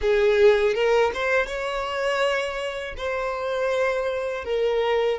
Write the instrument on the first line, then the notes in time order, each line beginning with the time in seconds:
violin
0.01 G#4
0.74 A#4
1.13 C5
1.46 C#5
2.97 C5
4.44 A#4